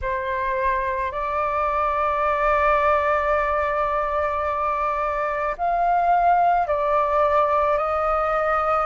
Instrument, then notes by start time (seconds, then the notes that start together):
flute
0.02 C5
1.11 D5
5.57 F5
6.67 D5
7.77 D#5